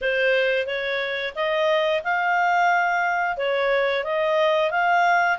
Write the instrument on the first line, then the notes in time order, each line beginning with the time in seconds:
clarinet
0.01 C5
0.66 C#5
1.35 D#5
2.03 F5
3.37 C#5
4.04 D#5
4.70 F5